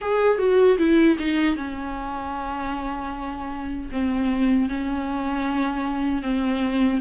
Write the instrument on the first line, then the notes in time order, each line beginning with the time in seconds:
viola
0.01 G#4
0.38 F#4
0.78 E4
1.18 D#4
1.55 C#4
3.91 C4
4.69 C#4
6.22 C4